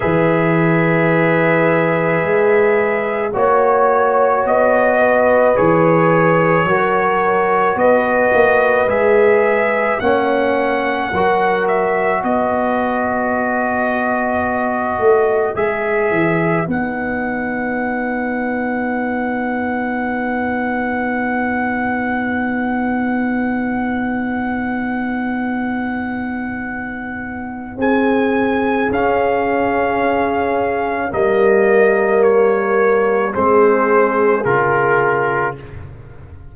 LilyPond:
<<
  \new Staff \with { instrumentName = "trumpet" } { \time 4/4 \tempo 4 = 54 e''2. cis''4 | dis''4 cis''2 dis''4 | e''4 fis''4. e''8 dis''4~ | dis''2 e''4 fis''4~ |
fis''1~ | fis''1~ | fis''4 gis''4 f''2 | dis''4 cis''4 c''4 ais'4 | }
  \new Staff \with { instrumentName = "horn" } { \time 4/4 b'2. cis''4~ | cis''8 b'4. ais'4 b'4~ | b'4 cis''4 ais'4 b'4~ | b'1~ |
b'1~ | b'1~ | b'4 gis'2. | ais'2 gis'2 | }
  \new Staff \with { instrumentName = "trombone" } { \time 4/4 gis'2. fis'4~ | fis'4 gis'4 fis'2 | gis'4 cis'4 fis'2~ | fis'2 gis'4 dis'4~ |
dis'1~ | dis'1~ | dis'2 cis'2 | ais2 c'4 f'4 | }
  \new Staff \with { instrumentName = "tuba" } { \time 4/4 e2 gis4 ais4 | b4 e4 fis4 b8 ais8 | gis4 ais4 fis4 b4~ | b4. a8 gis8 e8 b4~ |
b1~ | b1~ | b4 c'4 cis'2 | g2 gis4 cis4 | }
>>